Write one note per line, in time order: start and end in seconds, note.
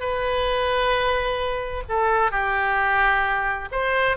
0.00 1.83 B4
1.89 2.31 A4
2.31 3.69 G4
3.72 4.17 C5